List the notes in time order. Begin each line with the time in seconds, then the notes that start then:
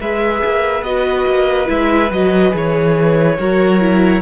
0.00 G#3 G#4 B4 E5
0.44 A#3
0.82 B3 F#4 D#5
1.26 A#3
1.66 G#3 E4 E5
2.10 F#3 F#4 D#5
2.50 E3 G#4
2.56 C#5
3.38 F#3 F#4 A#4
3.80 E4